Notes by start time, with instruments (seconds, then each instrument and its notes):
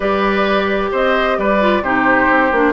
0.00 bassoon G3, clarinet G4, oboe B4, flute D5
0.91 bassoon C4, oboe C5, flute D#5
1.37 bassoon G3, oboe B4, flute D5
1.60 clarinet F4
1.82 bassoon C3, clarinet D#4, oboe G4, flute C5
2.30 bassoon C4
2.51 bassoon A#3, clarinet D4